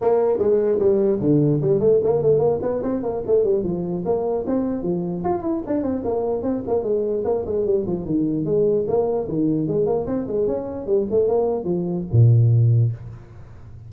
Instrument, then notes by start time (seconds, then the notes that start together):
tuba
0.01 A#3
0.38 G#3
0.79 G3
1.20 D3
1.61 G3
1.80 A3
2.03 A#3
2.22 A3
2.39 A#3
2.61 B3
2.82 C4
3.03 A#3
3.26 A3
3.44 G3
3.63 F3
4.05 A#3
4.47 C4
4.82 F3
5.24 F4
5.42 E4
5.66 D4
5.82 C4
6.04 A#3
6.42 C4
6.67 A#3
6.83 G#3
7.24 A#3
7.45 G#3
7.65 G3
7.86 F3
8.05 D#3
8.45 G#3
8.87 A#3
9.28 D#3
9.67 G#3
9.85 A#3
10.06 C4
10.27 G#3
10.47 C#4
10.86 G3
11.10 A3
11.28 A#3
11.64 F3
12.12 A#2